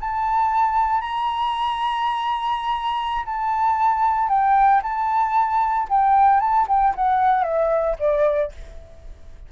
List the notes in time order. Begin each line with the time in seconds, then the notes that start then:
0.00 A5
1.01 A#5
3.25 A5
4.28 G5
4.82 A5
5.89 G5
6.40 A5
6.67 G5
6.95 F#5
7.43 E5
7.99 D5